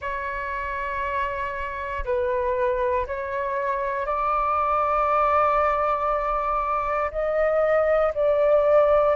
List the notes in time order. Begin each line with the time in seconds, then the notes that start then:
0.00 C#5
2.04 B4
3.06 C#5
4.05 D5
7.11 D#5
8.14 D5